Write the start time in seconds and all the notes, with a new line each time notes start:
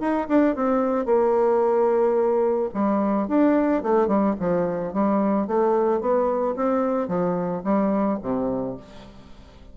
0.00 D#4
0.29 D4
0.56 C4
1.06 A#3
2.74 G3
3.28 D4
3.83 A3
4.08 G3
4.40 F3
4.94 G3
5.47 A3
6.01 B3
6.56 C4
7.08 F3
7.64 G3
8.22 C3